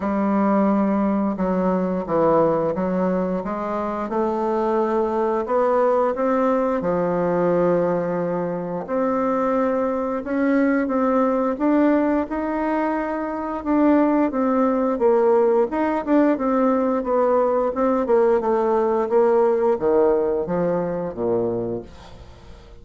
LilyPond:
\new Staff \with { instrumentName = "bassoon" } { \time 4/4 \tempo 4 = 88 g2 fis4 e4 | fis4 gis4 a2 | b4 c'4 f2~ | f4 c'2 cis'4 |
c'4 d'4 dis'2 | d'4 c'4 ais4 dis'8 d'8 | c'4 b4 c'8 ais8 a4 | ais4 dis4 f4 ais,4 | }